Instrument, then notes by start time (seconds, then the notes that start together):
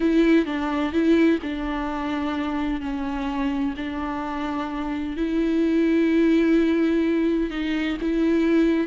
viola
0.00 E4
0.45 D4
0.92 E4
1.42 D4
2.80 C#4
3.76 D4
5.16 E4
7.50 D#4
8.01 E4